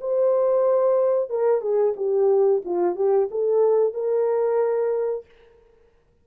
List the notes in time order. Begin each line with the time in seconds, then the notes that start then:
0.00 C5
1.29 A#4
1.61 G#4
1.96 G4
2.64 F4
2.96 G4
3.31 A4
3.93 A#4